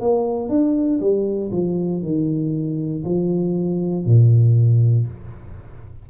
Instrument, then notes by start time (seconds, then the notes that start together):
tuba
0.00 A#3
0.49 D4
1.00 G3
1.51 F3
2.02 D#3
3.05 F3
4.05 A#2